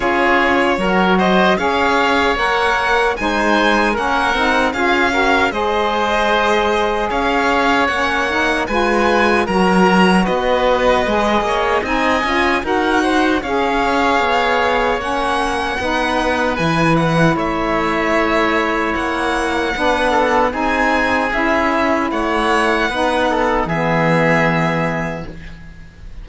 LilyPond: <<
  \new Staff \with { instrumentName = "violin" } { \time 4/4 \tempo 4 = 76 cis''4. dis''8 f''4 fis''4 | gis''4 fis''4 f''4 dis''4~ | dis''4 f''4 fis''4 gis''4 | ais''4 dis''2 gis''4 |
fis''4 f''2 fis''4~ | fis''4 gis''8 fis''8 e''2 | fis''2 gis''4 e''4 | fis''2 e''2 | }
  \new Staff \with { instrumentName = "oboe" } { \time 4/4 gis'4 ais'8 c''8 cis''2 | c''4 ais'4 gis'8 ais'8 c''4~ | c''4 cis''2 b'4 | ais'4 b'4. cis''8 dis''4 |
ais'8 c''8 cis''2. | b'2 cis''2~ | cis''4 b'8 a'8 gis'2 | cis''4 b'8 a'8 gis'2 | }
  \new Staff \with { instrumentName = "saxophone" } { \time 4/4 f'4 fis'4 gis'4 ais'4 | dis'4 cis'8 dis'8 f'8 fis'8 gis'4~ | gis'2 cis'8 dis'8 f'4 | fis'2 gis'4 dis'8 f'8 |
fis'4 gis'2 cis'4 | dis'4 e'2.~ | e'4 d'4 dis'4 e'4~ | e'4 dis'4 b2 | }
  \new Staff \with { instrumentName = "cello" } { \time 4/4 cis'4 fis4 cis'4 ais4 | gis4 ais8 c'8 cis'4 gis4~ | gis4 cis'4 ais4 gis4 | fis4 b4 gis8 ais8 c'8 cis'8 |
dis'4 cis'4 b4 ais4 | b4 e4 a2 | ais4 b4 c'4 cis'4 | a4 b4 e2 | }
>>